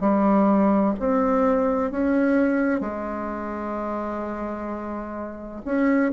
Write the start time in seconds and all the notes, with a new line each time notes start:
0.00 G3
0.99 C4
1.90 C#4
2.80 G#3
5.65 C#4